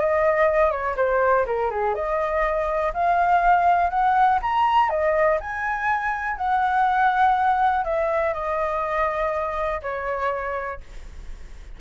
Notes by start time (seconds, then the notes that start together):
0.00 D#5
0.71 C#5
0.97 C5
1.46 A#4
1.71 G#4
1.94 D#5
2.94 F5
3.90 F#5
4.42 A#5
4.90 D#5
5.41 G#5
6.37 F#5
7.85 E5
8.34 D#5
9.82 C#5